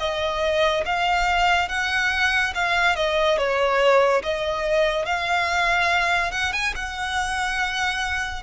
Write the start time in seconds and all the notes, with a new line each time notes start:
0.00 D#5
0.86 F5
1.69 F#5
2.55 F5
2.96 D#5
3.38 C#5
4.23 D#5
5.06 F5
6.32 F#5
6.53 G#5
6.76 F#5